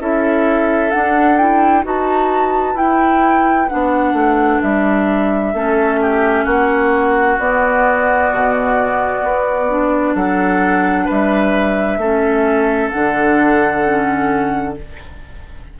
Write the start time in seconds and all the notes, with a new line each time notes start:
0.00 C#4 E4 A4 E5
0.91 D4 F#5
1.38 E4 G5
1.83 D#4 F#4 B4 A5
2.75 E4 G5
3.69 B3 D4 F#5
4.13 A3
4.62 G3 E5
5.54 A3 C#4 A4
6.02 G4
6.45 A#3 F#4 F#5
7.39 B3 D5
8.32 B2
9.24 B3
9.69 D4
10.15 F#3 A4 F#5
11.05 G3 B4 E5
11.98 A3 C#4 A4
12.90 D3 D4 F#5
13.84 C#4